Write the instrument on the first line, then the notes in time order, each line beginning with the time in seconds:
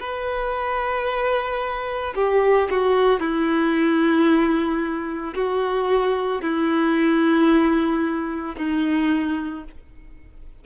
violin
0.00 B4
2.15 G4
2.71 F#4
3.20 E4
5.35 F#4
6.42 E4
8.57 D#4